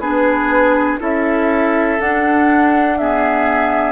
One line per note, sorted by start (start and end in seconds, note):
0.00 0.98 B3
0.00 1.00 D4
0.00 1.00 G#4
0.00 0.99 B4
1.00 2.00 C#4
1.00 1.98 E4
1.00 2.98 A4
1.00 2.01 E5
2.00 3.93 D4
2.00 3.00 D4
2.00 2.98 F#5
2.98 3.93 B3
2.98 3.93 G#4
2.98 3.93 E5